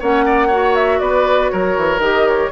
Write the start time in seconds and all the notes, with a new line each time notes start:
0.00 A#3 C#4 C#5 F#5
0.26 D5
0.48 F#4 C#5
0.75 E5
0.99 B3 B4 D5
1.50 F#3 A#4 C#5
1.77 E3
1.99 D#3 G4 D#5
2.28 C#5